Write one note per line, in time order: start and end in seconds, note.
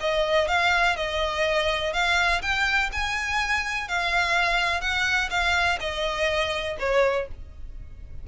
0.00 0.47 D#5
0.47 0.96 F5
0.96 1.92 D#5
1.93 2.41 F5
2.41 2.90 G5
2.92 3.88 G#5
3.88 4.81 F5
4.81 5.29 F#5
5.30 5.78 F5
5.80 6.77 D#5
6.79 7.27 C#5